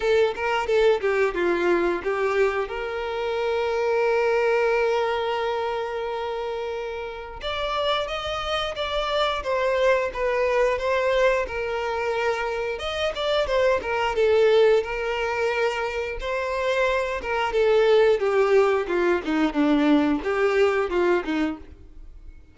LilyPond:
\new Staff \with { instrumentName = "violin" } { \time 4/4 \tempo 4 = 89 a'8 ais'8 a'8 g'8 f'4 g'4 | ais'1~ | ais'2. d''4 | dis''4 d''4 c''4 b'4 |
c''4 ais'2 dis''8 d''8 | c''8 ais'8 a'4 ais'2 | c''4. ais'8 a'4 g'4 | f'8 dis'8 d'4 g'4 f'8 dis'8 | }